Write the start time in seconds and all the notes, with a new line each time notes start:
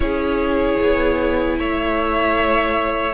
0.00 C#4 E4 G#4 C#5
0.82 B3
1.58 A3 C#5 E5